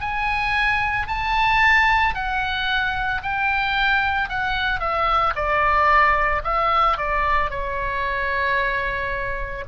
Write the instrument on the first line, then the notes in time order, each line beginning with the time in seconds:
oboe
0.00 G#5
1.07 A5
2.14 F#5
3.22 G5
4.29 F#5
4.80 E5
5.35 D5
6.43 E5
6.97 D5
7.50 C#5